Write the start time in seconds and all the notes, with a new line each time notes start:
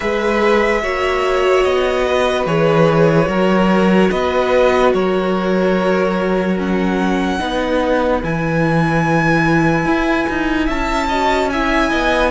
0.00 G#3 G#4 B4 E5
0.82 A#3 F#4 C#5
1.63 B3 D#5
2.07 B4
2.46 E3 G#4 C#5
3.25 F#3 F#4 A#4
4.10 B3 B4 D#5
4.93 F#3 A#4 C#5
6.57 C#4 F#5
7.39 B3 D#4 B4
8.23 E3 E4 G#5
9.85 E4
10.29 D#4
10.65 C#4 E5 A5
11.08 F#4 D#5
11.49 E4 E5 G#5
11.89 B3 D#5